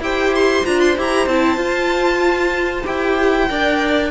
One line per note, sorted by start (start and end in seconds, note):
0.00 0.63 E4
0.00 0.65 G4
0.00 3.50 C5
0.00 0.35 G5
0.36 0.66 C6
0.65 0.98 D4
0.65 0.97 F4
0.65 0.80 A#5
0.80 0.96 C6
0.98 1.27 E4
0.98 1.30 G4
0.98 1.28 A#5
1.27 1.57 C4
1.27 1.58 E4
1.27 2.86 A5
1.57 2.84 F4
2.85 3.50 E4
2.85 3.48 G4
2.85 4.12 G5
3.49 4.12 D4
3.49 4.12 A#4
3.49 4.12 D5